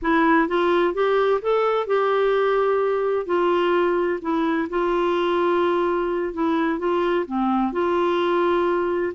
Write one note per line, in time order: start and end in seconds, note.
0.02 0.48 E4
0.48 0.94 F4
0.94 1.41 G4
1.41 1.86 A4
1.86 3.26 G4
3.26 4.19 F4
4.21 4.68 E4
4.69 6.33 F4
6.33 6.79 E4
6.79 7.25 F4
7.26 7.72 C4
7.72 9.13 F4